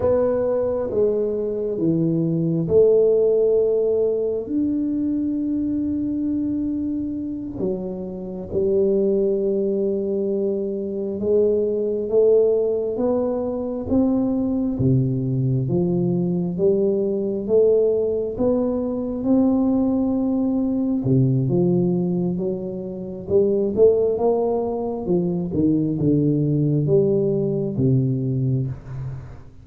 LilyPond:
\new Staff \with { instrumentName = "tuba" } { \time 4/4 \tempo 4 = 67 b4 gis4 e4 a4~ | a4 d'2.~ | d'8 fis4 g2~ g8~ | g8 gis4 a4 b4 c'8~ |
c'8 c4 f4 g4 a8~ | a8 b4 c'2 c8 | f4 fis4 g8 a8 ais4 | f8 dis8 d4 g4 c4 | }